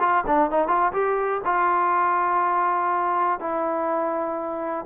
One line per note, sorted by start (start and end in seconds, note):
0.00 0.24 F4
0.27 0.51 D4
0.51 0.68 D#4
0.68 0.93 F4
0.93 1.42 G4
1.45 3.40 F4
3.40 4.86 E4